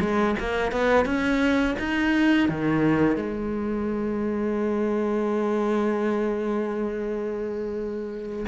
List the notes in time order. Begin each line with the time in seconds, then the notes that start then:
0.00 G#3
0.39 A#3
0.71 B3
1.05 C#4
1.79 D#4
2.48 D#3
3.16 G#3